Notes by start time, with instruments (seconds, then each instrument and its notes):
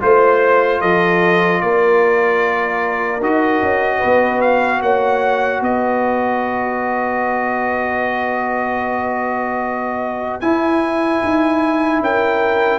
0.00 tuba A3, trombone F4, trumpet C5, horn C5
0.81 tuba F3, horn A4, trumpet D#5
1.61 tuba A#3, horn A#4, trumpet D5
3.20 tuba D#4, trombone F#4, trumpet D#5
3.62 tuba C#4
3.98 tuba B3, horn B4
4.41 trumpet F5
4.81 tuba A#3, horn C#5, trumpet F#5
5.61 tuba B3, horn B4, trumpet D#5
10.41 trombone E4, tuba E4, trumpet G#5
11.23 tuba D#4
12.00 tuba C#4, horn A#4, trumpet G5